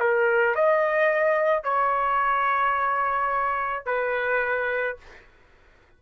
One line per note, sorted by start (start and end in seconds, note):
0.00 0.56 A#4
0.56 1.64 D#5
1.64 3.86 C#5
3.86 4.97 B4